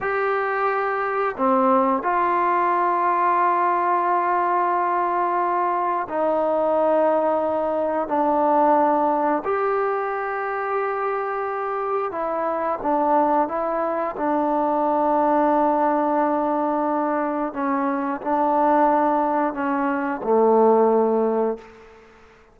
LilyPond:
\new Staff \with { instrumentName = "trombone" } { \time 4/4 \tempo 4 = 89 g'2 c'4 f'4~ | f'1~ | f'4 dis'2. | d'2 g'2~ |
g'2 e'4 d'4 | e'4 d'2.~ | d'2 cis'4 d'4~ | d'4 cis'4 a2 | }